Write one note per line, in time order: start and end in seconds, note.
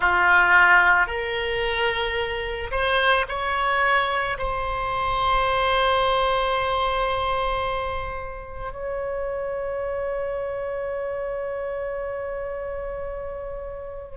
0.00 1.07 F4
1.07 2.70 A#4
2.71 3.25 C5
3.28 4.37 C#5
4.38 8.72 C5
8.72 14.17 C#5